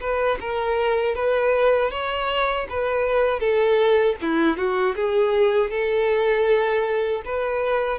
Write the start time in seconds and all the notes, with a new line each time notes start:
0.00 B4
0.40 A#4
1.15 B4
1.90 C#5
2.69 B4
3.39 A4
4.21 E4
4.57 F#4
4.95 G#4
5.70 A4
7.25 B4